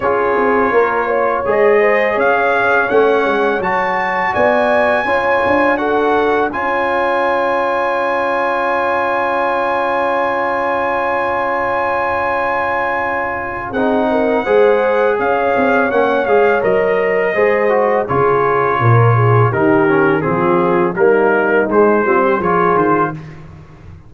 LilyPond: <<
  \new Staff \with { instrumentName = "trumpet" } { \time 4/4 \tempo 4 = 83 cis''2 dis''4 f''4 | fis''4 a''4 gis''2 | fis''4 gis''2.~ | gis''1~ |
gis''2. fis''4~ | fis''4 f''4 fis''8 f''8 dis''4~ | dis''4 cis''2 ais'4 | gis'4 ais'4 c''4 cis''8 c''8 | }
  \new Staff \with { instrumentName = "horn" } { \time 4/4 gis'4 ais'8 cis''4 c''8 cis''4~ | cis''2 d''4 cis''4 | a'4 cis''2.~ | cis''1~ |
cis''2. gis'8 ais'8 | c''4 cis''2. | c''4 gis'4 ais'8 gis'8 g'4 | f'4 dis'4. f'16 g'16 gis'4 | }
  \new Staff \with { instrumentName = "trombone" } { \time 4/4 f'2 gis'2 | cis'4 fis'2 f'4 | fis'4 f'2.~ | f'1~ |
f'2. dis'4 | gis'2 cis'8 gis'8 ais'4 | gis'8 fis'8 f'2 dis'8 cis'8 | c'4 ais4 gis8 c'8 f'4 | }
  \new Staff \with { instrumentName = "tuba" } { \time 4/4 cis'8 c'8 ais4 gis4 cis'4 | a8 gis8 fis4 b4 cis'8 d'8~ | d'4 cis'2.~ | cis'1~ |
cis'2. c'4 | gis4 cis'8 c'8 ais8 gis8 fis4 | gis4 cis4 ais,4 dis4 | f4 g4 gis8 g8 f8 dis8 | }
>>